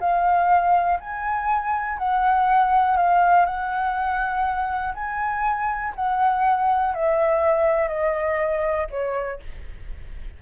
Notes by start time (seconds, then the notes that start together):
0.00 F5
1.00 G#5
1.98 F#5
2.97 F5
3.45 F#5
4.95 G#5
5.95 F#5
6.94 E5
7.88 D#5
8.90 C#5